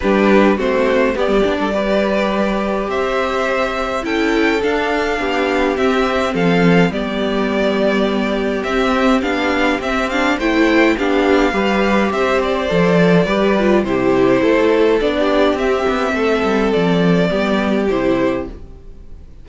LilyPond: <<
  \new Staff \with { instrumentName = "violin" } { \time 4/4 \tempo 4 = 104 b'4 c''4 d''2~ | d''4 e''2 g''4 | f''2 e''4 f''4 | d''2. e''4 |
f''4 e''8 f''8 g''4 f''4~ | f''4 e''8 d''2~ d''8 | c''2 d''4 e''4~ | e''4 d''2 c''4 | }
  \new Staff \with { instrumentName = "violin" } { \time 4/4 g'4 fis'4 g'8. a'16 b'4~ | b'4 c''2 a'4~ | a'4 g'2 a'4 | g'1~ |
g'2 c''4 g'4 | b'4 c''2 b'4 | g'4 a'4~ a'16 g'4.~ g'16 | a'2 g'2 | }
  \new Staff \with { instrumentName = "viola" } { \time 4/4 d'4 c'4 b8 d'8 g'4~ | g'2. e'4 | d'2 c'2 | b2. c'4 |
d'4 c'8 d'8 e'4 d'4 | g'2 a'4 g'8 f'8 | e'2 d'4 c'4~ | c'2 b4 e'4 | }
  \new Staff \with { instrumentName = "cello" } { \time 4/4 g4 a4 b16 g16 b16 g4~ g16~ | g4 c'2 cis'4 | d'4 b4 c'4 f4 | g2. c'4 |
b4 c'4 a4 b4 | g4 c'4 f4 g4 | c4 a4 b4 c'8 b8 | a8 g8 f4 g4 c4 | }
>>